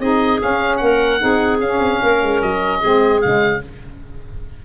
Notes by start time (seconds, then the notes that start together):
0.00 C4 D#4 G#4 D#5
0.39 C#4 F5
0.77 A#3 A#4 F#5
1.20 C4 D#4 G#4
1.60 C#4 F5
1.79 C4
2.03 A#3 A#4
2.22 G#3
2.42 F#3 D#5
2.80 G#3 C4 G#4
3.22 C#3 G#3 F5